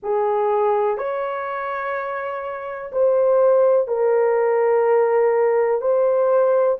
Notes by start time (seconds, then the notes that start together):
0.02 G#4
0.97 C#5
2.92 C5
3.87 A#4
5.81 C5